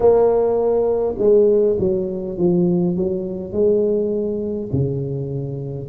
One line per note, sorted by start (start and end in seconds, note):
0.00 1.14 A#3
1.18 1.76 G#3
1.79 2.37 F#3
2.37 2.96 F3
2.96 3.52 F#3
3.52 4.70 G#3
4.72 5.89 C#3